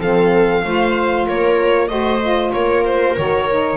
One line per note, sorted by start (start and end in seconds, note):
0.00 0.63 F3
0.00 0.63 C4
0.00 0.64 A4
0.00 1.28 F5
0.63 1.27 A3
0.63 1.88 F4
0.63 1.27 C5
1.27 1.90 A#3
1.27 1.90 A#4
1.27 1.88 C#5
1.88 2.53 A3
1.88 2.20 F#4
1.88 2.53 C5
1.88 2.51 D#5
2.21 3.16 F4
2.52 3.17 A#3
2.52 3.77 A#4
2.52 2.84 C#5
2.85 3.16 C5
3.16 3.77 D#3
3.16 3.49 F#4
3.16 3.77 C#5
3.50 3.77 D#4